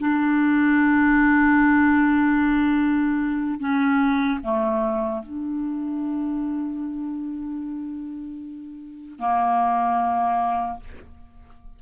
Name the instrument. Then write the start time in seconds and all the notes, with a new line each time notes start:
clarinet
0.00 D4
3.60 C#4
4.44 A3
5.23 D4
9.20 A#3